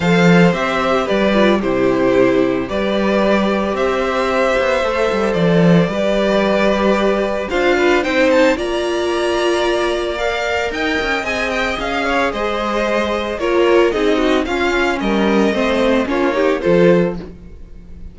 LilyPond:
<<
  \new Staff \with { instrumentName = "violin" } { \time 4/4 \tempo 4 = 112 f''4 e''4 d''4 c''4~ | c''4 d''2 e''4~ | e''2 d''2~ | d''2 f''4 g''8 a''8 |
ais''2. f''4 | g''4 gis''8 g''8 f''4 dis''4~ | dis''4 cis''4 dis''4 f''4 | dis''2 cis''4 c''4 | }
  \new Staff \with { instrumentName = "violin" } { \time 4/4 c''2 b'4 g'4~ | g'4 b'2 c''4~ | c''2. b'4~ | b'2 c''8 b'8 c''4 |
d''1 | dis''2~ dis''8 cis''8 c''4~ | c''4 ais'4 gis'8 fis'8 f'4 | ais'4 c''4 f'8 g'8 a'4 | }
  \new Staff \with { instrumentName = "viola" } { \time 4/4 a'4 g'4. f'8 e'4~ | e'4 g'2.~ | g'4 a'2 g'4~ | g'2 f'4 dis'4 |
f'2. ais'4~ | ais'4 gis'2.~ | gis'4 f'4 dis'4 cis'4~ | cis'4 c'4 cis'8 dis'8 f'4 | }
  \new Staff \with { instrumentName = "cello" } { \time 4/4 f4 c'4 g4 c4~ | c4 g2 c'4~ | c'8 b8 a8 g8 f4 g4~ | g2 d'4 c'4 |
ais1 | dis'8 cis'8 c'4 cis'4 gis4~ | gis4 ais4 c'4 cis'4 | g4 a4 ais4 f4 | }
>>